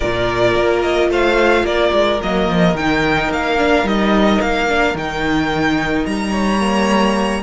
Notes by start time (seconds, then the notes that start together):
0.00 A#2 F4 A#4 D5
0.55 A#3
0.81 D#5
1.10 A3 C5 F5
1.63 A#3 A#4 D5
1.92 G#3
2.21 F#3 A#3 D#5
2.48 F3
2.73 D#3 D#4 G5
3.30 A#3 F5
3.58 D4
3.83 G3 D#4 D#5
4.40 A#3 F5
4.68 D4
4.93 D#3 D#4 G5
6.05 G3 A#5
6.31 C#5
6.59 A#3